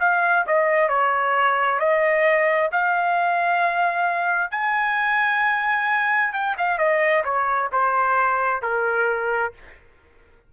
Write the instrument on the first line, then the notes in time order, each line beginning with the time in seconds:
trumpet
0.00 F5
0.46 D#5
0.89 C#5
1.79 D#5
2.72 F5
4.51 G#5
6.33 G5
6.58 F5
6.78 D#5
7.24 C#5
7.72 C5
8.62 A#4